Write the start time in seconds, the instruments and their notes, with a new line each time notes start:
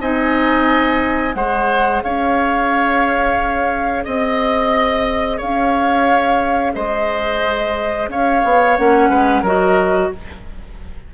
0.00 bassoon C4, clarinet D#4, oboe D#5, flute G#5
1.34 bassoon G#3, clarinet G#4, oboe C5, flute F#5
2.03 bassoon C#4, oboe C#5, flute F5
4.04 bassoon C4, oboe D#5, flute D#5
5.37 bassoon C#4, oboe C#5, flute F5
6.74 bassoon G#3, oboe C5, flute D#5
8.08 bassoon C#4, oboe C#5, flute F5
8.44 bassoon B3
8.76 bassoon A#3, clarinet C#4, flute F#5
9.09 bassoon G#3, oboe B4
9.42 bassoon F#3, clarinet F#4, oboe A#4, flute D#5